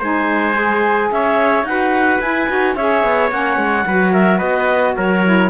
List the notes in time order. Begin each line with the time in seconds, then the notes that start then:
0.00 G#3 D#4 C5 G#5
0.54 G#4
1.12 C#4 C#5 E5
1.64 D#4 F#4 B4 F#5
2.21 E4 G#5
2.49 D#4 F#4
2.76 C#4 G#4 C#5 E5
3.04 B3
3.31 A#3 C#4 F#5
3.57 G#3
3.87 F#3 F#4 B4
4.13 A#4 E5
4.38 B3 B4 D#5
4.97 F#3 A#4 C#5
5.26 E4